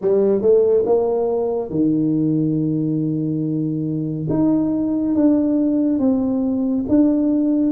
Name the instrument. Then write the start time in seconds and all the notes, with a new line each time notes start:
tuba
0.01 G3
0.41 A3
0.86 A#3
1.69 D#3
4.29 D#4
5.15 D4
5.99 C4
6.88 D4